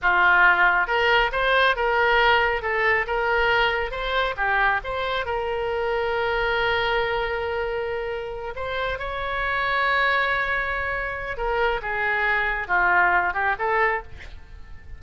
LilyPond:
\new Staff \with { instrumentName = "oboe" } { \time 4/4 \tempo 4 = 137 f'2 ais'4 c''4 | ais'2 a'4 ais'4~ | ais'4 c''4 g'4 c''4 | ais'1~ |
ais'2.~ ais'8 c''8~ | c''8 cis''2.~ cis''8~ | cis''2 ais'4 gis'4~ | gis'4 f'4. g'8 a'4 | }